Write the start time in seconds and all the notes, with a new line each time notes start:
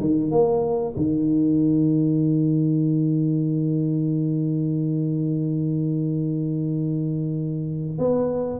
0.00 D#3
0.31 A#3
0.97 D#3
7.98 B3